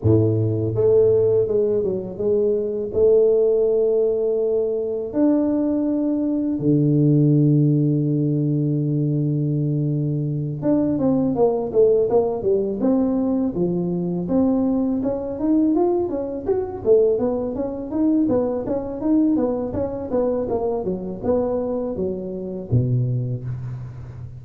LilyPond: \new Staff \with { instrumentName = "tuba" } { \time 4/4 \tempo 4 = 82 a,4 a4 gis8 fis8 gis4 | a2. d'4~ | d'4 d2.~ | d2~ d8 d'8 c'8 ais8 |
a8 ais8 g8 c'4 f4 c'8~ | c'8 cis'8 dis'8 f'8 cis'8 fis'8 a8 b8 | cis'8 dis'8 b8 cis'8 dis'8 b8 cis'8 b8 | ais8 fis8 b4 fis4 b,4 | }